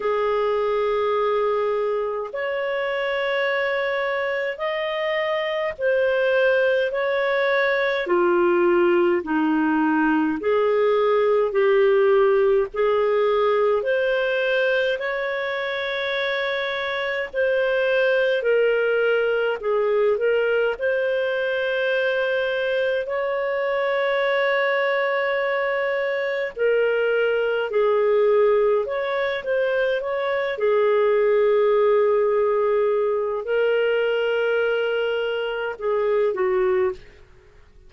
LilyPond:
\new Staff \with { instrumentName = "clarinet" } { \time 4/4 \tempo 4 = 52 gis'2 cis''2 | dis''4 c''4 cis''4 f'4 | dis'4 gis'4 g'4 gis'4 | c''4 cis''2 c''4 |
ais'4 gis'8 ais'8 c''2 | cis''2. ais'4 | gis'4 cis''8 c''8 cis''8 gis'4.~ | gis'4 ais'2 gis'8 fis'8 | }